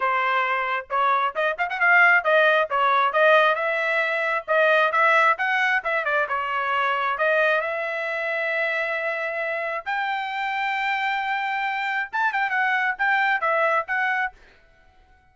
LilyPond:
\new Staff \with { instrumentName = "trumpet" } { \time 4/4 \tempo 4 = 134 c''2 cis''4 dis''8 f''16 fis''16 | f''4 dis''4 cis''4 dis''4 | e''2 dis''4 e''4 | fis''4 e''8 d''8 cis''2 |
dis''4 e''2.~ | e''2 g''2~ | g''2. a''8 g''8 | fis''4 g''4 e''4 fis''4 | }